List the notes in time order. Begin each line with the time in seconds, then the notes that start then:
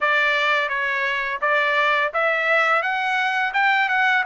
0.00 D5
0.68 C#5
1.41 D5
2.13 E5
2.82 F#5
3.53 G5
3.88 F#5